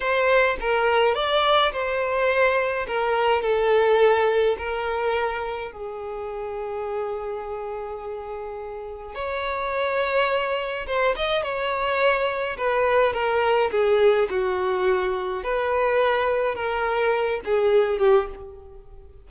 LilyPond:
\new Staff \with { instrumentName = "violin" } { \time 4/4 \tempo 4 = 105 c''4 ais'4 d''4 c''4~ | c''4 ais'4 a'2 | ais'2 gis'2~ | gis'1 |
cis''2. c''8 dis''8 | cis''2 b'4 ais'4 | gis'4 fis'2 b'4~ | b'4 ais'4. gis'4 g'8 | }